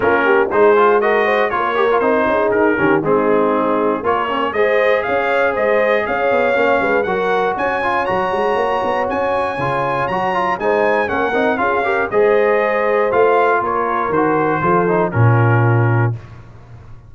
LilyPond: <<
  \new Staff \with { instrumentName = "trumpet" } { \time 4/4 \tempo 4 = 119 ais'4 c''4 dis''4 cis''4 | c''4 ais'4 gis'2 | cis''4 dis''4 f''4 dis''4 | f''2 fis''4 gis''4 |
ais''2 gis''2 | ais''4 gis''4 fis''4 f''4 | dis''2 f''4 cis''4 | c''2 ais'2 | }
  \new Staff \with { instrumentName = "horn" } { \time 4/4 f'8 g'8 gis'4 ais'8 c''8 ais'4~ | ais'8 gis'4 g'8 dis'2 | ais'4 c''4 cis''4 c''4 | cis''4. b'8 ais'4 cis''4~ |
cis''1~ | cis''4 c''4 ais'4 gis'8 ais'8 | c''2. ais'4~ | ais'4 a'4 f'2 | }
  \new Staff \with { instrumentName = "trombone" } { \time 4/4 cis'4 dis'8 f'8 fis'4 f'8 g'16 f'16 | dis'4. cis'8 c'2 | f'8 cis'8 gis'2.~ | gis'4 cis'4 fis'4. f'8 |
fis'2. f'4 | fis'8 f'8 dis'4 cis'8 dis'8 f'8 g'8 | gis'2 f'2 | fis'4 f'8 dis'8 cis'2 | }
  \new Staff \with { instrumentName = "tuba" } { \time 4/4 ais4 gis2 ais4 | c'8 cis'8 dis'8 dis8 gis2 | ais4 gis4 cis'4 gis4 | cis'8 b8 ais8 gis8 fis4 cis'4 |
fis8 gis8 ais8 b8 cis'4 cis4 | fis4 gis4 ais8 c'8 cis'4 | gis2 a4 ais4 | dis4 f4 ais,2 | }
>>